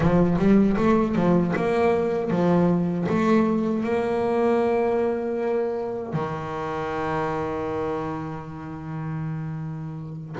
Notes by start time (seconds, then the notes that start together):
0.00 F3
0.38 G3
0.77 A3
1.15 F3
1.56 A#3
2.30 F3
3.08 A3
3.83 A#3
6.13 D#3